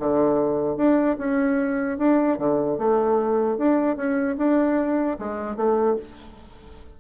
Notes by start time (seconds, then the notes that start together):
0.00 D3
0.77 D4
1.18 C#4
1.98 D4
2.38 D3
2.78 A3
3.58 D4
3.97 C#4
4.38 D4
5.19 G#3
5.57 A3